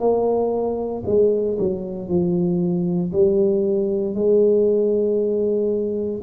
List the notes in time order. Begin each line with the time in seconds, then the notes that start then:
0.00 A#3
1.06 G#3
1.59 F#3
2.09 F3
3.13 G3
4.15 G#3